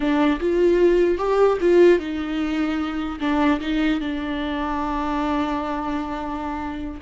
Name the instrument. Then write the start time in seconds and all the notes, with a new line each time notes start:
viola
0.00 D4
0.40 F4
1.18 G4
1.61 F4
1.99 D#4
3.19 D4
3.60 D#4
4.00 D4